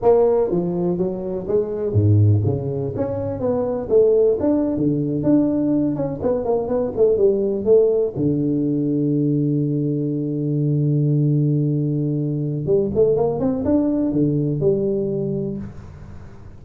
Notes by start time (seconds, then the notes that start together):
0.02 A#3
0.50 F3
0.97 F#3
1.47 G#3
1.92 G#2
2.45 C#3
2.96 C#4
3.39 B3
3.89 A3
4.40 D4
4.76 D3
5.23 D4
5.95 C#4
6.22 B3
6.45 A#3
6.68 B3
6.96 A3
7.17 G3
7.64 A3
8.16 D3
12.66 G3
12.94 A3
13.16 A#3
13.39 C4
13.65 D4
14.12 D3
14.60 G3